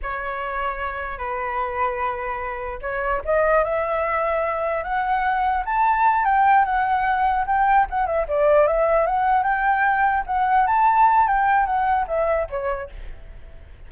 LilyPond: \new Staff \with { instrumentName = "flute" } { \time 4/4 \tempo 4 = 149 cis''2. b'4~ | b'2. cis''4 | dis''4 e''2. | fis''2 a''4. g''8~ |
g''8 fis''2 g''4 fis''8 | e''8 d''4 e''4 fis''4 g''8~ | g''4. fis''4 a''4. | g''4 fis''4 e''4 cis''4 | }